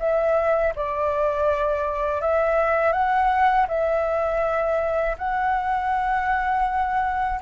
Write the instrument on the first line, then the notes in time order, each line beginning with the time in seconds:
flute
0.00 E5
0.76 D5
2.22 E5
2.93 F#5
3.68 E5
5.18 F#5